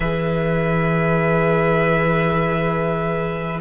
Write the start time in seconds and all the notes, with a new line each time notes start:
0.00 E3 G#4 B4 E5